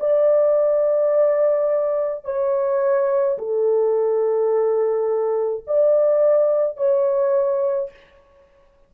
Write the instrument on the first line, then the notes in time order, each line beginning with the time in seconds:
horn
0.00 D5
2.25 C#5
3.39 A4
5.67 D5
6.78 C#5